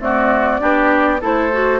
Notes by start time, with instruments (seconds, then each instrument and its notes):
0.00 clarinet A3, bassoon C4, oboe F#4, flute D5
0.60 bassoon B3, clarinet D4, oboe G4
1.21 bassoon A3, clarinet E4, oboe A4, flute C5
1.52 clarinet F#4